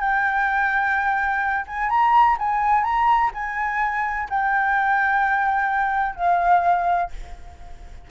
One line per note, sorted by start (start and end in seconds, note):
0.00 1.65 G5
1.67 1.89 G#5
1.89 2.37 A#5
2.39 2.83 G#5
2.83 3.30 A#5
3.34 4.28 G#5
4.29 6.15 G5
6.15 7.10 F5